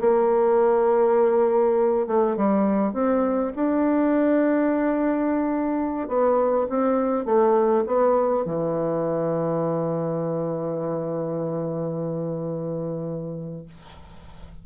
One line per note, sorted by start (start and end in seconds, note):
0.00 2.07 A#3
2.07 2.36 A3
2.36 2.93 G3
2.93 3.52 C4
3.55 6.08 D4
6.08 6.67 B3
6.69 7.25 C4
7.25 7.84 A3
7.86 8.45 B3
8.45 13.65 E3